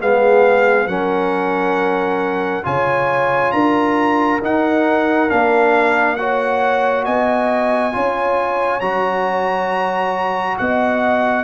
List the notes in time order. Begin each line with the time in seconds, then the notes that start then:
0.00 G#3 B3 G#4 F5
0.86 F#3 C#4 A#4 F#5
2.63 C#3 F4 C#5 G#5
3.52 D4 A#4 A#5
4.41 D#4 F#5
5.29 A#3 D4 F5
6.16 F#4 C#5 F#5
7.05 B3 D#5 G#5
7.92 C#4 F4 C#5
8.80 F#3 F#4 A#5
10.58 B3 D#5 F#5